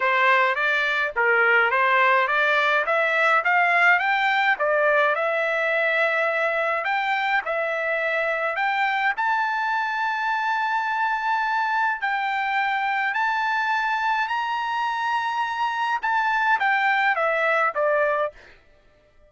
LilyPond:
\new Staff \with { instrumentName = "trumpet" } { \time 4/4 \tempo 4 = 105 c''4 d''4 ais'4 c''4 | d''4 e''4 f''4 g''4 | d''4 e''2. | g''4 e''2 g''4 |
a''1~ | a''4 g''2 a''4~ | a''4 ais''2. | a''4 g''4 e''4 d''4 | }